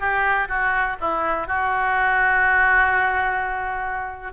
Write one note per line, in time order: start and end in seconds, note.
0.00 0.48 G4
0.48 0.96 F#4
1.00 1.47 E4
1.47 4.32 F#4